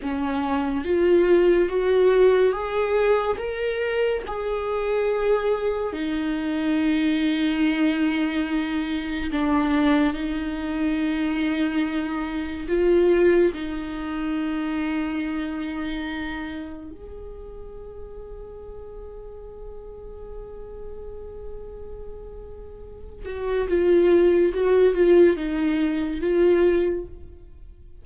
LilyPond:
\new Staff \with { instrumentName = "viola" } { \time 4/4 \tempo 4 = 71 cis'4 f'4 fis'4 gis'4 | ais'4 gis'2 dis'4~ | dis'2. d'4 | dis'2. f'4 |
dis'1 | gis'1~ | gis'2.~ gis'8 fis'8 | f'4 fis'8 f'8 dis'4 f'4 | }